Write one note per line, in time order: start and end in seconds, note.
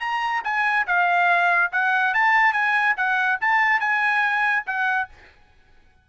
0.00 0.42 A#5
0.44 0.86 G#5
0.87 1.71 F5
1.72 2.14 F#5
2.14 2.53 A5
2.53 2.95 G#5
2.97 3.39 F#5
3.41 3.80 A5
3.80 4.65 G#5
4.67 5.09 F#5